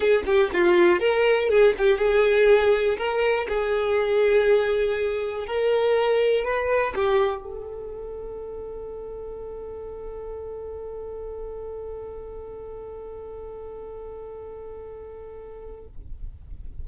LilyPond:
\new Staff \with { instrumentName = "violin" } { \time 4/4 \tempo 4 = 121 gis'8 g'8 f'4 ais'4 gis'8 g'8 | gis'2 ais'4 gis'4~ | gis'2. ais'4~ | ais'4 b'4 g'4 a'4~ |
a'1~ | a'1~ | a'1~ | a'1 | }